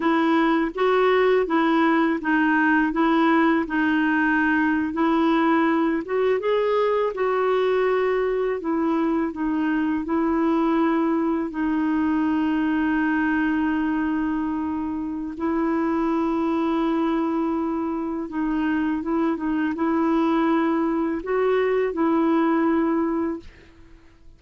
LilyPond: \new Staff \with { instrumentName = "clarinet" } { \time 4/4 \tempo 4 = 82 e'4 fis'4 e'4 dis'4 | e'4 dis'4.~ dis'16 e'4~ e'16~ | e'16 fis'8 gis'4 fis'2 e'16~ | e'8. dis'4 e'2 dis'16~ |
dis'1~ | dis'4 e'2.~ | e'4 dis'4 e'8 dis'8 e'4~ | e'4 fis'4 e'2 | }